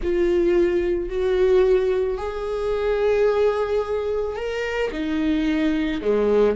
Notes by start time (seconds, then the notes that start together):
0.02 F4
1.09 F#4
2.17 G#4
4.36 A#4
4.92 D#4
6.01 G#3